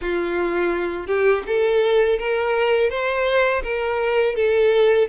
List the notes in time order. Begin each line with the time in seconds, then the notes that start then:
0.01 F4
1.06 G4
1.46 A4
2.19 A#4
2.90 C5
3.63 A#4
4.35 A4